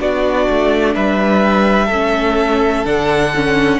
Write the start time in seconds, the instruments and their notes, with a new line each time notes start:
0.00 cello B3, viola D4, violin F#4 D5
0.50 cello A3
0.95 cello G3, violin B4 E5
1.86 cello A3, violin A4
1.92 viola C#4
2.86 cello D3, viola D4, violin F#5
3.36 viola C#4